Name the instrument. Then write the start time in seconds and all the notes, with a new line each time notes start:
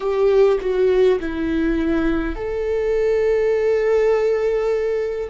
viola
0.00 G4
0.60 F#4
1.20 E4
2.35 A4